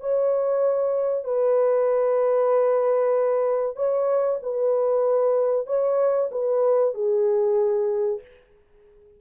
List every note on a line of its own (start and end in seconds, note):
0.00 1.24 C#5
1.24 3.76 B4
3.76 4.40 C#5
4.43 5.67 B4
5.67 6.30 C#5
6.31 6.94 B4
6.94 8.20 G#4